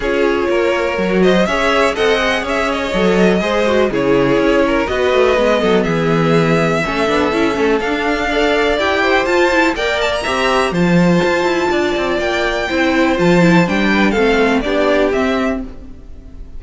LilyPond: <<
  \new Staff \with { instrumentName = "violin" } { \time 4/4 \tempo 4 = 123 cis''2~ cis''8 dis''8 e''4 | fis''4 e''8 dis''2~ dis''8 | cis''2 dis''2 | e''1 |
f''2 g''4 a''4 | g''8 a''16 ais''4~ ais''16 a''2~ | a''4 g''2 a''4 | g''4 f''4 d''4 e''4 | }
  \new Staff \with { instrumentName = "violin" } { \time 4/4 gis'4 ais'4. c''8 cis''4 | dis''4 cis''2 c''4 | gis'4. ais'8 b'4. a'8 | gis'2 a'2~ |
a'4 d''4. c''4. | d''4 e''4 c''2 | d''2 c''2~ | c''8 b'8 a'4 g'2 | }
  \new Staff \with { instrumentName = "viola" } { \time 4/4 f'2 fis'4 gis'4 | a'8 gis'4. a'4 gis'8 fis'8 | e'2 fis'4 b4~ | b2 cis'8 d'8 e'8 cis'8 |
d'4 a'4 g'4 f'8 e'8 | ais'4 g'4 f'2~ | f'2 e'4 f'8 e'8 | d'4 c'4 d'4 c'4 | }
  \new Staff \with { instrumentName = "cello" } { \time 4/4 cis'4 ais4 fis4 cis'4 | c'4 cis'4 fis4 gis4 | cis4 cis'4 b8 a8 gis8 fis8 | e2 a8 b8 cis'8 a8 |
d'2 e'4 f'4 | ais4 c'4 f4 f'8 e'8 | d'8 c'8 ais4 c'4 f4 | g4 a4 b4 c'4 | }
>>